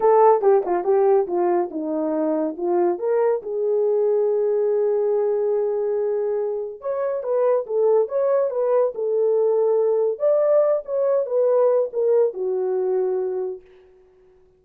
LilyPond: \new Staff \with { instrumentName = "horn" } { \time 4/4 \tempo 4 = 141 a'4 g'8 f'8 g'4 f'4 | dis'2 f'4 ais'4 | gis'1~ | gis'1 |
cis''4 b'4 a'4 cis''4 | b'4 a'2. | d''4. cis''4 b'4. | ais'4 fis'2. | }